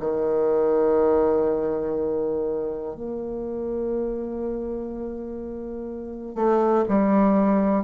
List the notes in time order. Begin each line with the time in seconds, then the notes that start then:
0.00 D#3
2.96 A#3
6.35 A3
6.88 G3